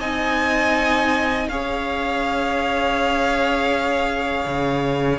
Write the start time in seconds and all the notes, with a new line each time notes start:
0.00 C4 D#4 D#5 G#5
1.49 C#4 G#4 C#5 F5
4.46 C#3